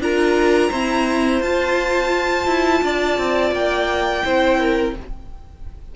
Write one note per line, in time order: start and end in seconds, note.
0.00 0.71 D4
0.00 0.72 F4
0.00 0.70 A#4
0.00 1.42 A#5
0.70 1.43 C4
0.70 1.42 E4
0.70 2.82 C5
1.42 2.47 F4
1.42 4.23 F4
1.42 3.54 A5
2.47 2.82 E4
2.83 3.18 D4
2.83 4.25 D5
3.18 3.52 C4
3.52 4.23 A#3
3.52 4.96 G5
4.23 4.97 C4
4.23 4.94 E4
4.23 4.60 C5
4.60 4.96 A#4